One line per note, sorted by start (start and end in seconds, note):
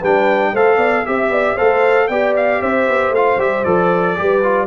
0.00 0.53 G3
0.00 0.56 D4
0.00 0.52 B4
0.00 0.56 G5
0.53 0.77 A3
0.53 1.06 A4
0.53 0.77 C5
0.53 1.06 F5
0.77 1.03 B3
0.77 1.03 D5
1.06 1.29 C4
1.06 1.58 G4
1.06 1.58 E5
1.06 1.32 E5
1.29 1.55 B3
1.29 1.56 D5
1.56 2.09 A3
1.56 2.10 A4
1.56 2.08 C5
1.56 2.08 F5
2.08 2.61 B3
2.08 3.15 G4
2.08 2.61 D5
2.08 2.34 G5
2.37 2.62 F5
2.61 2.87 C4
2.61 4.16 C5
2.61 3.14 E5
2.88 3.10 B3
3.10 3.36 A3
3.10 3.40 F5
3.16 3.39 F4
3.37 3.63 G3
3.37 3.65 G4
3.37 3.64 E5
3.64 4.17 F3
3.64 4.16 A4
3.64 4.67 D5
4.16 4.67 G3
4.16 4.42 G4
4.16 4.67 B4
4.43 4.67 F4